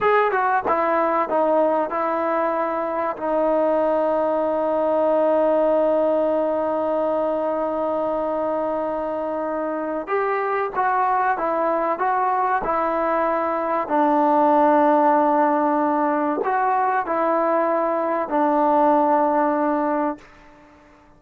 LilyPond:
\new Staff \with { instrumentName = "trombone" } { \time 4/4 \tempo 4 = 95 gis'8 fis'8 e'4 dis'4 e'4~ | e'4 dis'2.~ | dis'1~ | dis'1 |
g'4 fis'4 e'4 fis'4 | e'2 d'2~ | d'2 fis'4 e'4~ | e'4 d'2. | }